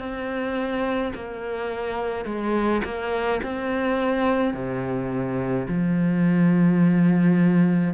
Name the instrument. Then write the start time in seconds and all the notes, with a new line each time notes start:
cello
0.00 C4
1.15 A#3
2.25 G#3
2.85 A#3
3.43 C4
4.54 C3
5.68 F3